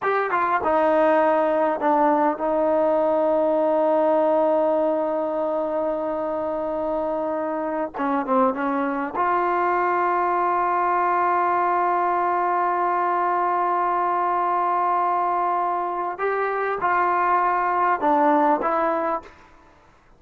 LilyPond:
\new Staff \with { instrumentName = "trombone" } { \time 4/4 \tempo 4 = 100 g'8 f'8 dis'2 d'4 | dis'1~ | dis'1~ | dis'4~ dis'16 cis'8 c'8 cis'4 f'8.~ |
f'1~ | f'1~ | f'2. g'4 | f'2 d'4 e'4 | }